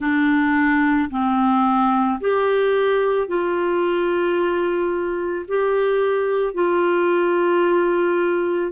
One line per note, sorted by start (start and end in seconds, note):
0.00 1.09 D4
1.10 2.19 C4
2.20 3.27 G4
3.27 5.45 F4
5.47 6.54 G4
6.54 8.71 F4